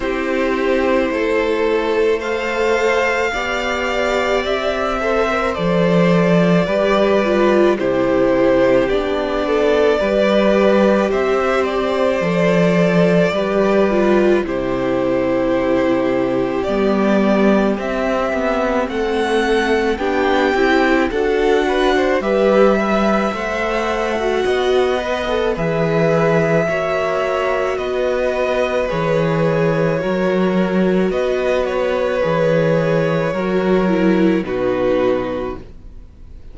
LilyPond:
<<
  \new Staff \with { instrumentName = "violin" } { \time 4/4 \tempo 4 = 54 c''2 f''2 | e''4 d''2 c''4 | d''2 e''8 d''4.~ | d''4 c''2 d''4 |
e''4 fis''4 g''4 fis''4 | e''4 fis''2 e''4~ | e''4 dis''4 cis''2 | dis''8 cis''2~ cis''8 b'4 | }
  \new Staff \with { instrumentName = "violin" } { \time 4/4 g'4 a'4 c''4 d''4~ | d''8 c''4. b'4 g'4~ | g'8 a'8 b'4 c''2 | b'4 g'2.~ |
g'4 a'4 g'4 a'8 b'16 c''16 | b'8 e''4. dis''4 b'4 | cis''4 b'2 ais'4 | b'2 ais'4 fis'4 | }
  \new Staff \with { instrumentName = "viola" } { \time 4/4 e'2 a'4 g'4~ | g'8 a'16 ais'16 a'4 g'8 f'8 e'4 | d'4 g'2 a'4 | g'8 f'8 e'2 b4 |
c'2 d'8 e'8 fis'4 | g'8 b'8 c''8. fis'8. b'16 a'16 gis'4 | fis'2 gis'4 fis'4~ | fis'4 gis'4 fis'8 e'8 dis'4 | }
  \new Staff \with { instrumentName = "cello" } { \time 4/4 c'4 a2 b4 | c'4 f4 g4 c4 | b4 g4 c'4 f4 | g4 c2 g4 |
c'8 b8 a4 b8 c'8 d'4 | g4 a4 b4 e4 | ais4 b4 e4 fis4 | b4 e4 fis4 b,4 | }
>>